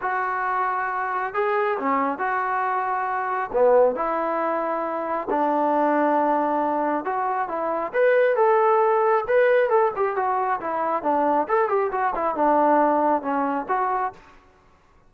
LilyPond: \new Staff \with { instrumentName = "trombone" } { \time 4/4 \tempo 4 = 136 fis'2. gis'4 | cis'4 fis'2. | b4 e'2. | d'1 |
fis'4 e'4 b'4 a'4~ | a'4 b'4 a'8 g'8 fis'4 | e'4 d'4 a'8 g'8 fis'8 e'8 | d'2 cis'4 fis'4 | }